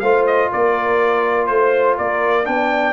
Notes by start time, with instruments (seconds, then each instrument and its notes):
0.00 tuba A3, trombone F4, horn C5, trumpet F5
0.26 trumpet D#5
0.51 tuba A#3, horn A#4, trumpet D5
1.47 tuba A3, trumpet C5, horn C5
1.98 tuba A#3, horn A#4, trumpet D5
2.45 tuba B3, trombone D4, horn D5, trumpet G5